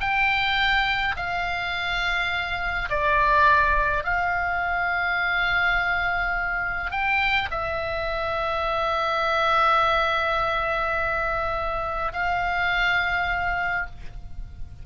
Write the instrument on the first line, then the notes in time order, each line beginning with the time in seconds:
oboe
0.00 G5
1.16 F5
2.89 D5
4.04 F5
6.91 G5
7.51 E5
12.13 F5